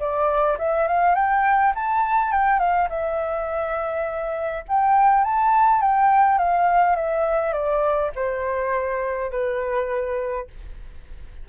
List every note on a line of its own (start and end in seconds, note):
0.00 0.58 D5
0.59 0.88 E5
0.88 1.15 F5
1.15 1.74 G5
1.75 2.32 A5
2.32 2.59 G5
2.59 2.89 F5
2.90 4.65 E5
4.69 5.25 G5
5.25 5.81 A5
5.81 6.38 G5
6.38 6.96 F5
6.96 7.53 E5
7.53 8.12 D5
8.16 9.31 C5
9.31 10.48 B4